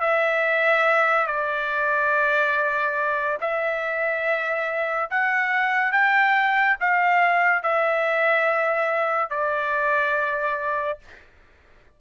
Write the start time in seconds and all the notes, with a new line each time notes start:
0.00 E5
1.27 D5
3.41 E5
5.10 F#5
5.92 G5
6.80 F5
7.63 E5
9.30 D5